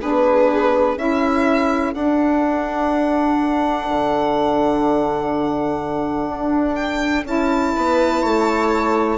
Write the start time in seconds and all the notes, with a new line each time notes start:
0.00 B3 D4 G#4 B4
0.97 C#4 E4 A4 E5
1.94 D4 F#5
3.89 D3
6.28 D4
6.76 G5
7.25 C#4 E4 A5
7.76 B3 B4
8.22 A3 C#5